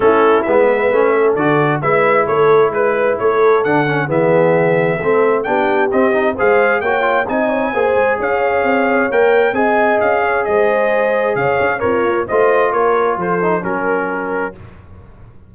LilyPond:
<<
  \new Staff \with { instrumentName = "trumpet" } { \time 4/4 \tempo 4 = 132 a'4 e''2 d''4 | e''4 cis''4 b'4 cis''4 | fis''4 e''2. | g''4 dis''4 f''4 g''4 |
gis''2 f''2 | g''4 gis''4 f''4 dis''4~ | dis''4 f''4 cis''4 dis''4 | cis''4 c''4 ais'2 | }
  \new Staff \with { instrumentName = "horn" } { \time 4/4 e'4. b'4 a'4. | b'4 a'4 b'4 a'4~ | a'4 gis'2 a'4 | g'2 c''4 cis''4 |
dis''8 cis''8 c''4 cis''2~ | cis''4 dis''4. cis''8 c''4~ | c''4 cis''4 f'4 c''4 | ais'4 a'4 ais'2 | }
  \new Staff \with { instrumentName = "trombone" } { \time 4/4 cis'4 b4 cis'4 fis'4 | e'1 | d'8 cis'8 b2 c'4 | d'4 c'8 dis'8 gis'4 fis'8 f'8 |
dis'4 gis'2. | ais'4 gis'2.~ | gis'2 ais'4 f'4~ | f'4. dis'8 cis'2 | }
  \new Staff \with { instrumentName = "tuba" } { \time 4/4 a4 gis4 a4 d4 | gis4 a4 gis4 a4 | d4 e2 a4 | b4 c'4 gis4 ais4 |
c'4 ais8 gis8 cis'4 c'4 | ais4 c'4 cis'4 gis4~ | gis4 cis8 cis'8 c'8 ais8 a4 | ais4 f4 fis2 | }
>>